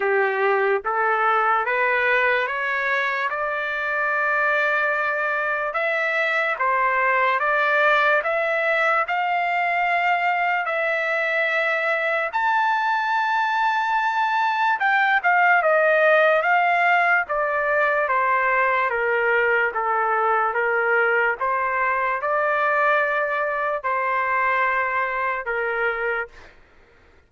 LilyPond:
\new Staff \with { instrumentName = "trumpet" } { \time 4/4 \tempo 4 = 73 g'4 a'4 b'4 cis''4 | d''2. e''4 | c''4 d''4 e''4 f''4~ | f''4 e''2 a''4~ |
a''2 g''8 f''8 dis''4 | f''4 d''4 c''4 ais'4 | a'4 ais'4 c''4 d''4~ | d''4 c''2 ais'4 | }